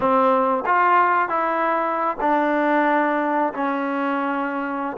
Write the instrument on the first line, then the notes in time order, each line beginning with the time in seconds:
trombone
0.00 C4
0.66 F4
1.28 E4
2.20 D4
3.53 C#4